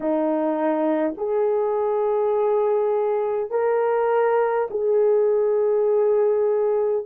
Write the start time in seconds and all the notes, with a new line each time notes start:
0.00 D#4
1.17 G#4
3.50 A#4
4.70 G#4